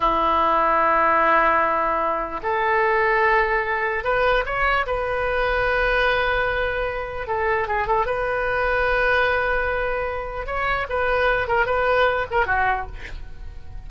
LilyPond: \new Staff \with { instrumentName = "oboe" } { \time 4/4 \tempo 4 = 149 e'1~ | e'2 a'2~ | a'2 b'4 cis''4 | b'1~ |
b'2 a'4 gis'8 a'8 | b'1~ | b'2 cis''4 b'4~ | b'8 ais'8 b'4. ais'8 fis'4 | }